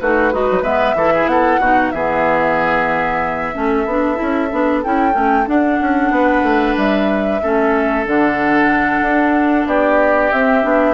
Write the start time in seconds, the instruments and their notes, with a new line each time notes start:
0.00 bassoon A3, clarinet D#4, oboe F#4, flute B4
0.33 bassoon G#3, oboe D#4, clarinet F#4
0.51 bassoon F#3
0.62 bassoon G#3, clarinet B3, oboe B4, flute E5
0.95 bassoon E3, clarinet E4, oboe A4
1.14 oboe G#4
1.26 bassoon B3, oboe A4, flute F#5
1.60 bassoon B2, clarinet D#4, oboe F#4
1.91 bassoon E3, clarinet B3, oboe G#4, flute E5
3.54 bassoon A3, clarinet C#4, oboe A4
3.86 bassoon B3, clarinet D4
4.16 clarinet E4
4.22 bassoon C#4
4.52 bassoon B3, clarinet D4
4.84 bassoon C#4, clarinet E4, flute G5
5.12 bassoon A3, clarinet C#4
5.47 clarinet D4, bassoon D4, flute F#5
5.81 bassoon C#4
6.11 bassoon B3, oboe B4
6.43 bassoon A3
6.77 bassoon G3, flute E5
7.43 bassoon A3, clarinet C#4, oboe A4
8.06 bassoon D3, clarinet D4, flute F#5
9.02 bassoon D4
9.67 bassoon B3, oboe G4, flute D5
10.32 clarinet C4, bassoon C4, flute E5
10.63 bassoon B3, clarinet D4